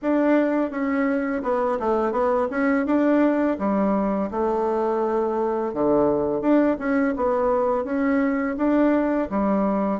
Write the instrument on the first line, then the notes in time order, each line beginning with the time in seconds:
bassoon
0.02 D4
0.70 C#4
1.43 B3
1.79 A3
2.12 B3
2.50 C#4
2.86 D4
3.58 G3
4.31 A3
5.73 D3
6.41 D4
6.79 C#4
7.16 B3
7.84 C#4
8.57 D4
9.30 G3